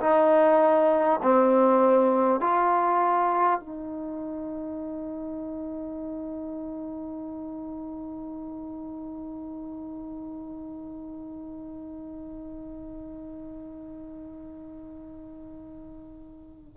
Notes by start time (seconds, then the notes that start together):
0.00 D#4
1.22 C4
2.41 F4
3.60 D#4